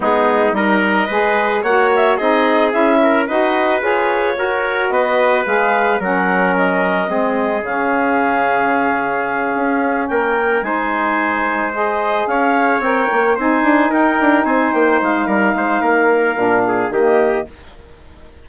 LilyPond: <<
  \new Staff \with { instrumentName = "clarinet" } { \time 4/4 \tempo 4 = 110 gis'4 dis''2 fis''8 e''8 | dis''4 e''4 dis''4 cis''4~ | cis''4 dis''4 f''4 fis''4 | dis''2 f''2~ |
f''2~ f''8 g''4 gis''8~ | gis''4. dis''4 f''4 g''8~ | g''8 gis''4 g''4 gis''8 g''8 f''8~ | f''2. dis''4 | }
  \new Staff \with { instrumentName = "trumpet" } { \time 4/4 dis'4 ais'4 b'4 cis''4 | gis'4. ais'8 b'2 | ais'4 b'2 ais'4~ | ais'4 gis'2.~ |
gis'2~ gis'8 ais'4 c''8~ | c''2~ c''8 cis''4.~ | cis''8 c''4 ais'4 c''4. | ais'8 c''8 ais'4. gis'8 g'4 | }
  \new Staff \with { instrumentName = "saxophone" } { \time 4/4 b4 dis'4 gis'4 fis'4 | dis'4 e'4 fis'4 gis'4 | fis'2 gis'4 cis'4~ | cis'4 c'4 cis'2~ |
cis'2.~ cis'8 dis'8~ | dis'4. gis'2 ais'8~ | ais'8 dis'2.~ dis'8~ | dis'2 d'4 ais4 | }
  \new Staff \with { instrumentName = "bassoon" } { \time 4/4 gis4 g4 gis4 ais4 | c'4 cis'4 dis'4 f'4 | fis'4 b4 gis4 fis4~ | fis4 gis4 cis2~ |
cis4. cis'4 ais4 gis8~ | gis2~ gis8 cis'4 c'8 | ais8 c'8 d'8 dis'8 d'8 c'8 ais8 gis8 | g8 gis8 ais4 ais,4 dis4 | }
>>